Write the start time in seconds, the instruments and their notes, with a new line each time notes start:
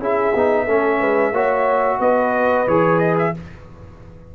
0.00 tuba C#4, trombone E4, horn G#4, trumpet E5
0.35 tuba B3, trombone D#4
0.66 tuba A3, trombone C#4, horn A4
1.00 tuba G#3, horn B4
1.32 tuba A#3, trombone F#4, horn C#5
1.99 tuba B3, horn B4, trumpet D#5
2.67 tuba E3, trombone G#4, trumpet C#5
2.99 trumpet D#5
3.19 trumpet E5